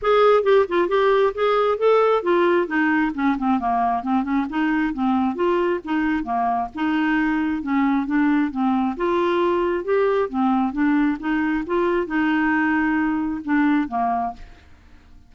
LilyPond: \new Staff \with { instrumentName = "clarinet" } { \time 4/4 \tempo 4 = 134 gis'4 g'8 f'8 g'4 gis'4 | a'4 f'4 dis'4 cis'8 c'8 | ais4 c'8 cis'8 dis'4 c'4 | f'4 dis'4 ais4 dis'4~ |
dis'4 cis'4 d'4 c'4 | f'2 g'4 c'4 | d'4 dis'4 f'4 dis'4~ | dis'2 d'4 ais4 | }